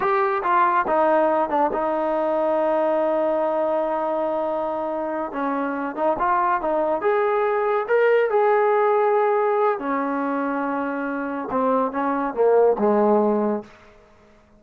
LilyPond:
\new Staff \with { instrumentName = "trombone" } { \time 4/4 \tempo 4 = 141 g'4 f'4 dis'4. d'8 | dis'1~ | dis'1~ | dis'8 cis'4. dis'8 f'4 dis'8~ |
dis'8 gis'2 ais'4 gis'8~ | gis'2. cis'4~ | cis'2. c'4 | cis'4 ais4 gis2 | }